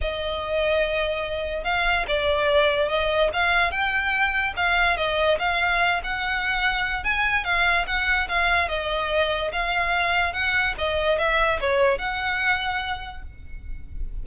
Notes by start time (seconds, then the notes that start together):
0.01 D#5
1.64 F5
2.07 D5
2.88 D#5
3.33 F5
3.71 G5
4.56 F5
4.96 D#5
5.38 F5
6.03 F#5
7.04 G#5
7.44 F5
7.86 F#5
8.28 F5
8.68 D#5
9.52 F5
10.33 F#5
10.78 D#5
11.18 E5
11.60 C#5
11.98 F#5